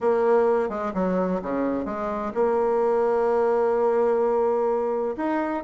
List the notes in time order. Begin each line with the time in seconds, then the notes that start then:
0.00 A#3
0.69 G#3
0.94 F#3
1.42 C#3
1.85 G#3
2.34 A#3
5.16 D#4